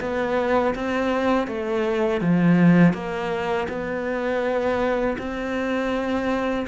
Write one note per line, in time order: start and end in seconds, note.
0.00 0.74 B3
0.75 1.47 C4
1.47 2.21 A3
2.21 2.93 F3
2.93 3.67 A#3
3.68 5.17 B3
5.18 6.66 C4